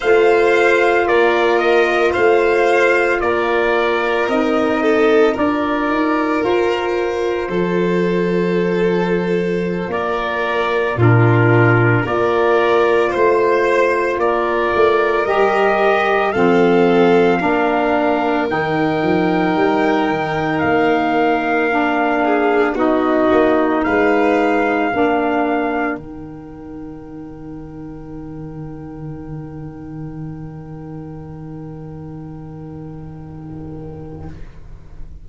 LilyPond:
<<
  \new Staff \with { instrumentName = "trumpet" } { \time 4/4 \tempo 4 = 56 f''4 d''8 dis''8 f''4 d''4 | dis''4 d''4 c''2~ | c''4~ c''16 d''4 ais'4 d''8.~ | d''16 c''4 d''4 dis''4 f''8.~ |
f''4~ f''16 g''2 f''8.~ | f''4~ f''16 dis''4 f''4.~ f''16~ | f''16 g''2.~ g''8.~ | g''1 | }
  \new Staff \with { instrumentName = "violin" } { \time 4/4 c''4 ais'4 c''4 ais'4~ | ais'8 a'8 ais'2 a'4~ | a'4~ a'16 ais'4 f'4 ais'8.~ | ais'16 c''4 ais'2 a'8.~ |
a'16 ais'2.~ ais'8.~ | ais'8. gis'8 fis'4 b'4 ais'8.~ | ais'1~ | ais'1 | }
  \new Staff \with { instrumentName = "saxophone" } { \time 4/4 f'1 | dis'4 f'2.~ | f'2~ f'16 d'4 f'8.~ | f'2~ f'16 g'4 c'8.~ |
c'16 d'4 dis'2~ dis'8.~ | dis'16 d'4 dis'2 d'8.~ | d'16 dis'2.~ dis'8.~ | dis'1 | }
  \new Staff \with { instrumentName = "tuba" } { \time 4/4 a4 ais4 a4 ais4 | c'4 d'8 dis'8 f'4 f4~ | f4~ f16 ais4 ais,4 ais8.~ | ais16 a4 ais8 a8 g4 f8.~ |
f16 ais4 dis8 f8 g8 dis8 ais8.~ | ais4~ ais16 b8 ais8 gis4 ais8.~ | ais16 dis2.~ dis8.~ | dis1 | }
>>